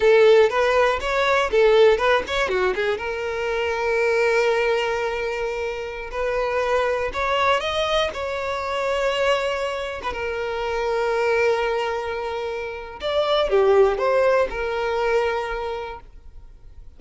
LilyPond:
\new Staff \with { instrumentName = "violin" } { \time 4/4 \tempo 4 = 120 a'4 b'4 cis''4 a'4 | b'8 cis''8 fis'8 gis'8 ais'2~ | ais'1~ | ais'16 b'2 cis''4 dis''8.~ |
dis''16 cis''2.~ cis''8. | b'16 ais'2.~ ais'8.~ | ais'2 d''4 g'4 | c''4 ais'2. | }